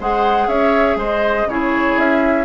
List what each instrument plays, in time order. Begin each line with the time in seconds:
0.00 bassoon G#3, clarinet G#4, oboe C5, flute F#5
0.48 bassoon C#4, oboe C#5, flute E5
0.96 bassoon G#3, oboe C5
1.02 flute D#5
1.46 bassoon C#3, clarinet E4, oboe G#4, flute C#5
1.98 bassoon C#4, flute E5